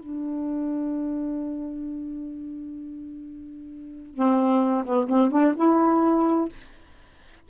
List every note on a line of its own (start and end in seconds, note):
0.00 4.15 D4
4.15 4.84 C4
4.85 5.08 B3
5.09 5.31 C4
5.31 5.54 D4
5.56 6.49 E4